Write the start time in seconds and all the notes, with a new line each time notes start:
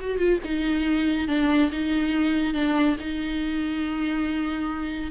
0.00 F#4
0.18 F4
0.44 D#4
1.28 D4
1.72 D#4
2.54 D4
3.00 D#4